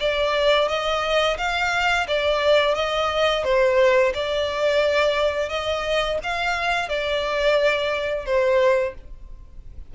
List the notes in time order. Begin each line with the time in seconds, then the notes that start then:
0.00 D5
0.68 D#5
1.38 F5
2.08 D5
2.75 D#5
3.44 C5
4.14 D5
5.49 D#5
6.23 F5
6.89 D5
8.26 C5